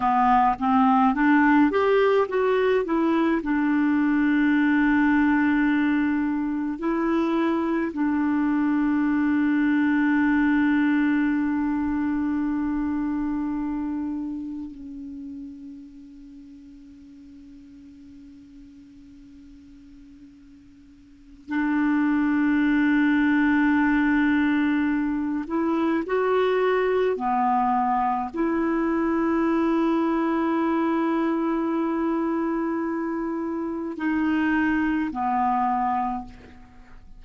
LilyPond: \new Staff \with { instrumentName = "clarinet" } { \time 4/4 \tempo 4 = 53 b8 c'8 d'8 g'8 fis'8 e'8 d'4~ | d'2 e'4 d'4~ | d'1~ | d'4 cis'2.~ |
cis'2. d'4~ | d'2~ d'8 e'8 fis'4 | b4 e'2.~ | e'2 dis'4 b4 | }